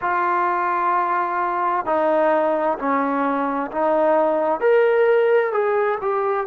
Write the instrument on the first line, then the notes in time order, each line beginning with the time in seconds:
trombone
0.01 F4
1.85 D#4
2.78 C#4
3.71 D#4
4.60 A#4
5.52 G#4
6.01 G4